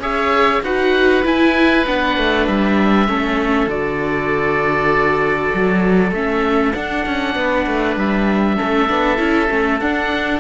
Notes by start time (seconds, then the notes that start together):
0.00 C#4 G#4 C#5 E5
0.63 D#4 F#4 B4 F#5
1.24 E4 G#5
1.87 B3 D4 F#5
2.17 A3
2.47 G3 E5
3.07 A3 C#4 A4
3.67 D3 F#4 D5
5.54 F#3
6.12 A3 C#4 E5
6.74 D4 F#5
7.06 C#4
7.35 B3 B4
7.67 A3
7.96 G3 E5
8.57 A3 C#4 A4
8.88 B3 D4
9.18 C#4 E4
9.49 A3 C#4
9.80 D4 F#5